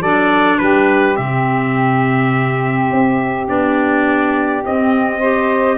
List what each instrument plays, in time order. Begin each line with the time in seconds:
0.00 tuba F#3, clarinet D4, saxophone A4, trumpet D5
0.58 tuba G3, saxophone G4, trumpet B4
1.15 tuba C3, clarinet C4, trumpet E5
2.90 tuba C4
3.47 tuba B3, clarinet D4, trumpet D5
4.64 clarinet C4, tuba C4, trumpet D#5
5.18 clarinet G4, saxophone C5